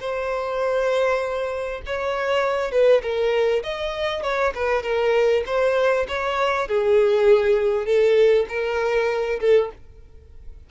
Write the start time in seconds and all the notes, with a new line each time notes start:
0.00 C5
1.86 C#5
2.71 B4
3.02 A#4
3.63 D#5
4.23 C#5
4.55 B4
4.83 A#4
5.46 C5
6.08 C#5
6.68 G#4
7.85 A4
8.49 A#4
9.40 A4